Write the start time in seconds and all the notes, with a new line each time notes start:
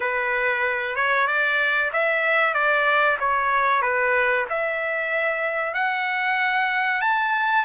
0.00 B4
0.95 C#5
1.27 D5
1.93 E5
2.54 D5
3.19 C#5
3.82 B4
4.49 E5
5.74 F#5
7.01 A5